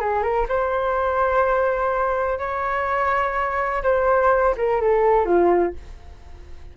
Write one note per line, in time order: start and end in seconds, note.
0.00 0.22 G#4
0.22 0.46 A#4
0.48 2.38 C5
2.38 3.82 C#5
3.83 4.55 C5
4.57 4.81 A#4
4.81 5.25 A4
5.25 5.73 F4